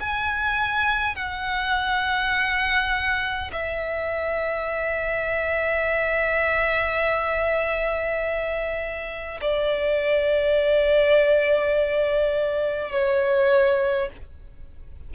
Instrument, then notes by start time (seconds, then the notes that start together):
violin
0.00 G#5
1.16 F#5
3.52 E5
9.41 D5
12.91 C#5